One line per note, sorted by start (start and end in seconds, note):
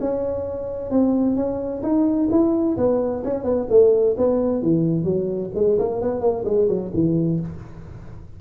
0.00 0.90 C#4
0.90 1.36 C4
1.36 1.82 C#4
1.82 2.28 D#4
2.30 2.77 E4
2.77 3.23 B3
3.24 3.43 C#4
3.43 3.67 B3
3.69 4.16 A3
4.17 4.62 B3
4.62 5.04 E3
5.04 5.50 F#3
5.54 5.77 G#3
5.78 6.01 A#3
6.01 6.20 B3
6.20 6.43 A#3
6.44 6.68 G#3
6.68 6.91 F#3
6.94 7.40 E3